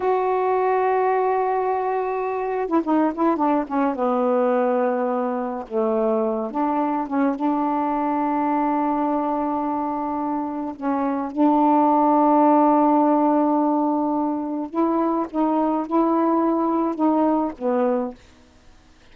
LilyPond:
\new Staff \with { instrumentName = "saxophone" } { \time 4/4 \tempo 4 = 106 fis'1~ | fis'8. e'16 dis'8 e'8 d'8 cis'8 b4~ | b2 a4. d'8~ | d'8 cis'8 d'2.~ |
d'2. cis'4 | d'1~ | d'2 e'4 dis'4 | e'2 dis'4 b4 | }